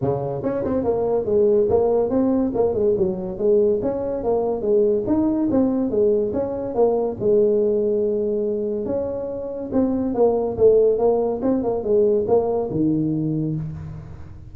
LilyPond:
\new Staff \with { instrumentName = "tuba" } { \time 4/4 \tempo 4 = 142 cis4 cis'8 c'8 ais4 gis4 | ais4 c'4 ais8 gis8 fis4 | gis4 cis'4 ais4 gis4 | dis'4 c'4 gis4 cis'4 |
ais4 gis2.~ | gis4 cis'2 c'4 | ais4 a4 ais4 c'8 ais8 | gis4 ais4 dis2 | }